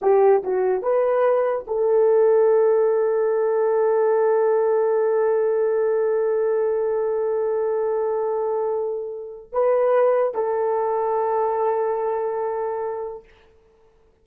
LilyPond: \new Staff \with { instrumentName = "horn" } { \time 4/4 \tempo 4 = 145 g'4 fis'4 b'2 | a'1~ | a'1~ | a'1~ |
a'1~ | a'2. b'4~ | b'4 a'2.~ | a'1 | }